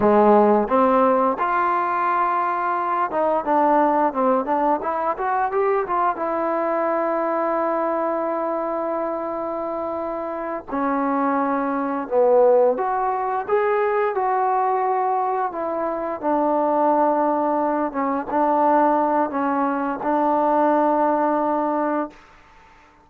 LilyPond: \new Staff \with { instrumentName = "trombone" } { \time 4/4 \tempo 4 = 87 gis4 c'4 f'2~ | f'8 dis'8 d'4 c'8 d'8 e'8 fis'8 | g'8 f'8 e'2.~ | e'2.~ e'8 cis'8~ |
cis'4. b4 fis'4 gis'8~ | gis'8 fis'2 e'4 d'8~ | d'2 cis'8 d'4. | cis'4 d'2. | }